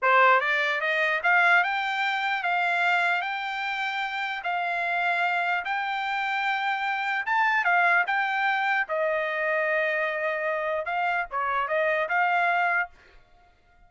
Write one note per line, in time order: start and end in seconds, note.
0.01 0.40 C5
0.40 0.81 D5
0.81 1.21 D#5
1.23 1.63 F5
1.63 2.43 G5
2.43 3.21 F5
3.21 4.42 G5
4.43 5.64 F5
5.64 7.25 G5
7.26 7.64 A5
7.64 8.04 F5
8.06 8.87 G5
8.88 10.85 D#5
10.85 11.25 F5
11.30 11.68 C#5
11.68 12.08 D#5
12.09 12.89 F5